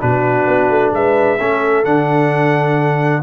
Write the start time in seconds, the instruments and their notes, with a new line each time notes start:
0.00 tuba B2, trombone D4, horn F#4, trumpet B4
0.47 tuba B3
0.69 tuba A3
0.92 tuba G#3, horn B4, trumpet E5
1.38 tuba A3, trombone C#4, horn A4
1.84 tuba D3, trombone D4, trumpet F#5